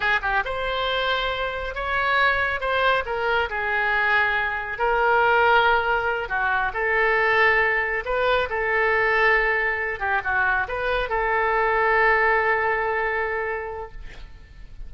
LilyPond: \new Staff \with { instrumentName = "oboe" } { \time 4/4 \tempo 4 = 138 gis'8 g'8 c''2. | cis''2 c''4 ais'4 | gis'2. ais'4~ | ais'2~ ais'8 fis'4 a'8~ |
a'2~ a'8 b'4 a'8~ | a'2. g'8 fis'8~ | fis'8 b'4 a'2~ a'8~ | a'1 | }